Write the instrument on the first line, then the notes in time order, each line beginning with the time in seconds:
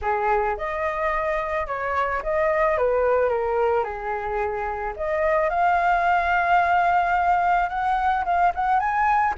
flute
0.01 G#4
0.57 D#5
1.67 C#5
2.22 D#5
2.77 B4
3.29 A#4
3.83 G#4
4.96 D#5
5.49 F5
7.69 F#5
8.24 F5
8.54 F#5
8.79 G#5